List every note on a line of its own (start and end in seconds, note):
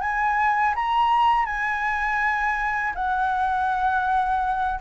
0.00 0.74 G#5
0.75 1.45 A#5
1.45 2.93 G#5
2.95 4.80 F#5